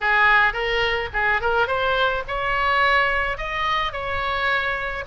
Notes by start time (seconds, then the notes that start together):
0.00 G#4
0.53 A#4
1.13 G#4
1.41 A#4
1.67 C5
2.27 C#5
3.37 D#5
3.92 C#5